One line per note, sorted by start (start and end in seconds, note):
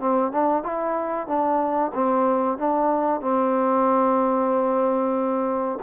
0.00 0.32 C4
0.32 0.63 D4
0.63 1.27 E4
1.27 1.92 D4
1.94 2.58 C4
2.58 3.21 D4
3.21 5.79 C4